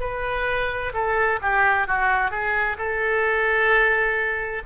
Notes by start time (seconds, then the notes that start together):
0.00 B4
0.94 A4
1.42 G4
1.87 F#4
2.31 G#4
2.78 A4